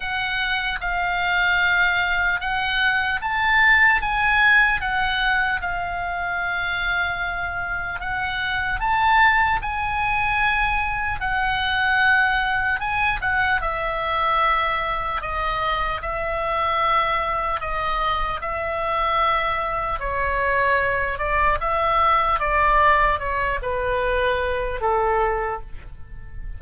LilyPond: \new Staff \with { instrumentName = "oboe" } { \time 4/4 \tempo 4 = 75 fis''4 f''2 fis''4 | a''4 gis''4 fis''4 f''4~ | f''2 fis''4 a''4 | gis''2 fis''2 |
gis''8 fis''8 e''2 dis''4 | e''2 dis''4 e''4~ | e''4 cis''4. d''8 e''4 | d''4 cis''8 b'4. a'4 | }